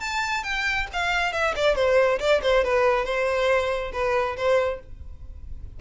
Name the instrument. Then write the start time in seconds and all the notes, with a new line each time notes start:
violin
0.00 A5
0.43 G5
0.92 F5
1.32 E5
1.56 D5
1.75 C5
2.19 D5
2.42 C5
2.64 B4
3.05 C5
3.92 B4
4.36 C5